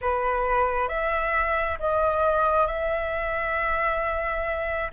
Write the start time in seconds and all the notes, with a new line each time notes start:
0.01 B4
0.88 E5
1.79 D#5
2.66 E5